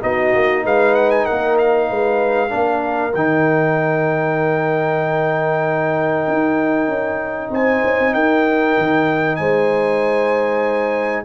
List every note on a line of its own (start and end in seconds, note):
0.00 0.34 B3
0.00 2.49 D#4
0.00 0.64 F#4
0.00 0.65 D#5
0.34 0.64 A#3
0.64 1.27 G#3
0.64 1.26 B4
0.64 0.94 F5
0.94 1.10 F#5
1.10 1.25 G#5
1.25 1.90 A#3
1.25 1.88 A#4
1.25 1.57 F#5
1.58 3.14 F5
1.89 2.52 G#3
1.89 2.50 B4
2.49 3.15 A#3
2.49 3.11 D4
2.49 7.50 A#4
3.14 6.27 D#3
3.14 11.25 D#4
3.14 7.52 G5
6.27 6.87 D#4
6.87 7.50 C#4
7.51 7.82 C4
7.51 8.14 C5
7.51 8.14 G#5
7.85 7.99 C#4
7.99 8.14 C4
8.14 8.76 D#4
8.14 9.39 A#4
8.14 9.36 G5
8.77 9.39 D#3
9.36 11.25 G#3
9.36 11.25 C5
9.36 11.23 G#5